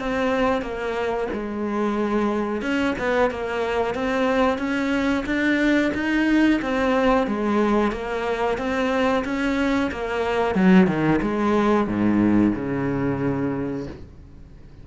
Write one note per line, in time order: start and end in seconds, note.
0.00 0.62 C4
0.62 1.28 A#3
1.33 2.62 G#3
2.62 2.95 C#4
2.99 3.31 B3
3.31 3.95 A#3
3.95 4.59 C4
4.59 5.24 C#4
5.26 5.92 D4
5.94 6.60 D#4
6.62 7.27 C4
7.27 7.92 G#3
7.92 8.58 A#3
8.58 9.24 C4
9.25 9.91 C#4
9.91 10.55 A#3
10.55 10.87 F#3
10.87 11.20 D#3
11.22 11.88 G#3
11.88 12.54 G#2
12.55 13.87 C#3